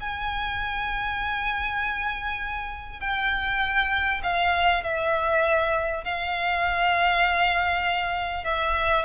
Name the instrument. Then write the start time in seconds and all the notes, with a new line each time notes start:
violin
0.00 G#5
3.00 G5
4.23 F5
4.83 E5
6.04 F5
8.44 E5